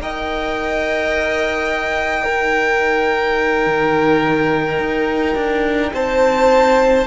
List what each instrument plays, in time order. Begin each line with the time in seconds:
0.00 cello D#4, viola A#4, violin D#5 G5
2.24 viola D#4, violin A#4
3.67 cello D#3
4.79 cello D#4
5.35 cello D4
5.93 cello C4, violin C5 A5